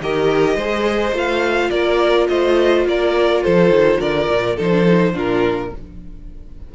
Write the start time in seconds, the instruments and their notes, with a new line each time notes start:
0.00 cello D#3, viola G4, violin A#4 D#5
0.55 cello G#3, viola G#4, violin C5
1.12 cello A3, viola F4, violin F5
1.70 cello A#3, violin A#4 D5
2.28 cello A3, violin C5 D#5
2.85 cello A#3, violin A#4 D5
3.43 cello F3, violin A4 C5
3.69 cello D#3
3.99 cello D3, violin A#4 D5
4.29 cello A#2
4.56 cello F3, viola D#4, violin A4 C5
4.72 viola D4
4.86 viola D#4
5.13 cello A#2, viola D4, violin F4 A#4